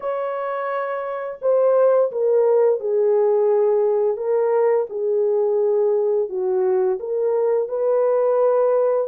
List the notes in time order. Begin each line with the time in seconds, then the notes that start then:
0.00 C#5
1.41 C5
2.11 A#4
2.80 G#4
4.16 A#4
4.89 G#4
6.29 F#4
6.99 A#4
7.68 B4